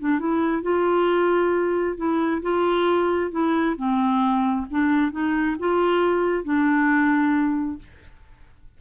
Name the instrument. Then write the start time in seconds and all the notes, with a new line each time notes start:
clarinet
0.00 D4
0.20 E4
0.63 F4
1.97 E4
2.42 F4
3.31 E4
3.77 C4
4.71 D4
5.12 D#4
5.59 F4
6.44 D4